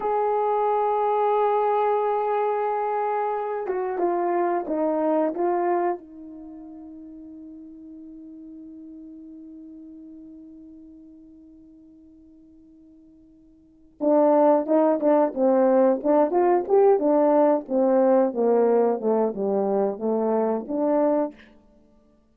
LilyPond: \new Staff \with { instrumentName = "horn" } { \time 4/4 \tempo 4 = 90 gis'1~ | gis'4. fis'8 f'4 dis'4 | f'4 dis'2.~ | dis'1~ |
dis'1~ | dis'4 d'4 dis'8 d'8 c'4 | d'8 f'8 g'8 d'4 c'4 ais8~ | ais8 a8 g4 a4 d'4 | }